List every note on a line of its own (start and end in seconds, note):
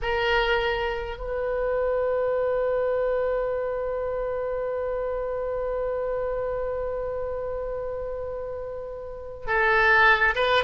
0.02 1.17 A#4
1.17 9.47 B4
9.47 10.34 A4
10.35 10.63 B4